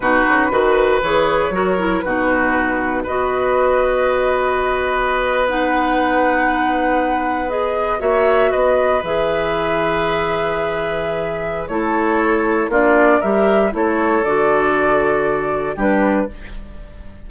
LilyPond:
<<
  \new Staff \with { instrumentName = "flute" } { \time 4/4 \tempo 4 = 118 b'2 cis''2 | b'2 dis''2~ | dis''2~ dis''8. fis''4~ fis''16~ | fis''2~ fis''8. dis''4 e''16~ |
e''8. dis''4 e''2~ e''16~ | e''2. cis''4~ | cis''4 d''4 e''4 cis''4 | d''2. b'4 | }
  \new Staff \with { instrumentName = "oboe" } { \time 4/4 fis'4 b'2 ais'4 | fis'2 b'2~ | b'1~ | b'2.~ b'8. cis''16~ |
cis''8. b'2.~ b'16~ | b'2. a'4~ | a'4 f'4 ais'4 a'4~ | a'2. g'4 | }
  \new Staff \with { instrumentName = "clarinet" } { \time 4/4 dis'4 fis'4 gis'4 fis'8 e'8 | dis'2 fis'2~ | fis'2~ fis'8. dis'4~ dis'16~ | dis'2~ dis'8. gis'4 fis'16~ |
fis'4.~ fis'16 gis'2~ gis'16~ | gis'2. e'4~ | e'4 d'4 g'4 e'4 | fis'2. d'4 | }
  \new Staff \with { instrumentName = "bassoon" } { \time 4/4 b,8 cis8 dis4 e4 fis4 | b,2 b2~ | b1~ | b2.~ b8. ais16~ |
ais8. b4 e2~ e16~ | e2. a4~ | a4 ais4 g4 a4 | d2. g4 | }
>>